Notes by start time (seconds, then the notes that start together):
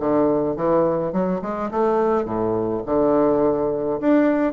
0.00 D3
0.56 E3
1.13 F#3
1.42 G#3
1.71 A3
2.25 A2
2.86 D3
4.01 D4